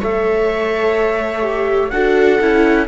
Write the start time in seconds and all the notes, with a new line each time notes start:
0.00 A3 A4 C#5 E5
1.42 G4
1.90 D4 F#4 A4 F#5
2.40 C#4 E4